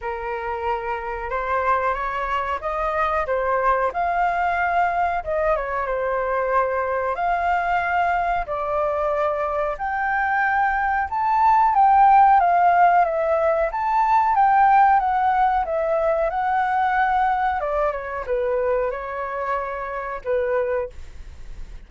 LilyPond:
\new Staff \with { instrumentName = "flute" } { \time 4/4 \tempo 4 = 92 ais'2 c''4 cis''4 | dis''4 c''4 f''2 | dis''8 cis''8 c''2 f''4~ | f''4 d''2 g''4~ |
g''4 a''4 g''4 f''4 | e''4 a''4 g''4 fis''4 | e''4 fis''2 d''8 cis''8 | b'4 cis''2 b'4 | }